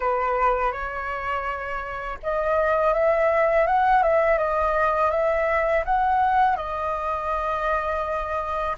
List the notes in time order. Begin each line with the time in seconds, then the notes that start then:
0.00 B4
0.72 C#5
2.23 D#5
2.93 E5
3.66 F#5
4.02 E5
4.38 D#5
5.11 E5
5.85 F#5
6.56 D#5